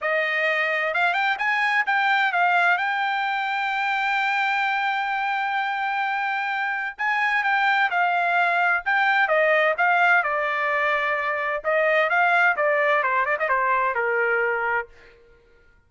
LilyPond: \new Staff \with { instrumentName = "trumpet" } { \time 4/4 \tempo 4 = 129 dis''2 f''8 g''8 gis''4 | g''4 f''4 g''2~ | g''1~ | g''2. gis''4 |
g''4 f''2 g''4 | dis''4 f''4 d''2~ | d''4 dis''4 f''4 d''4 | c''8 d''16 dis''16 c''4 ais'2 | }